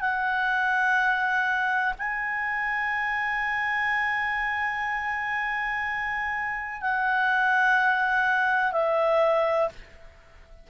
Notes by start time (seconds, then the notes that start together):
0.00 F#5
1.98 G#5
6.81 F#5
8.72 E5